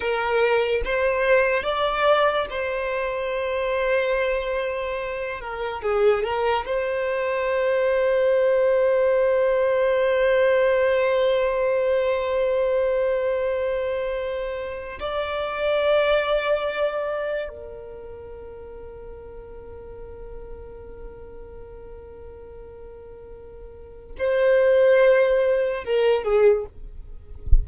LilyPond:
\new Staff \with { instrumentName = "violin" } { \time 4/4 \tempo 4 = 72 ais'4 c''4 d''4 c''4~ | c''2~ c''8 ais'8 gis'8 ais'8 | c''1~ | c''1~ |
c''2 d''2~ | d''4 ais'2.~ | ais'1~ | ais'4 c''2 ais'8 gis'8 | }